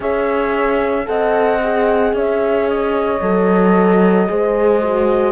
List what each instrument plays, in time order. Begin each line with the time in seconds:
0.00 cello C#4, horn G#4 C#5, flute E5
1.05 cello C4, horn A4 D#5, flute F#5
1.62 horn G#4
2.13 cello C#4, horn C#5, flute E5
2.69 flute D#5
3.21 cello F#3, horn A4
4.27 cello G#3, horn G#4 C5
4.81 horn F#4